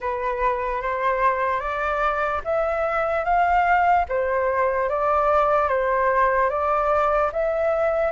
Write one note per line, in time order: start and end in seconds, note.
0.00 0.81 B4
0.81 1.60 C5
1.60 2.41 D5
2.44 3.24 E5
3.24 4.05 F5
4.08 4.89 C5
4.89 5.68 D5
5.68 6.49 C5
6.49 7.30 D5
7.32 8.11 E5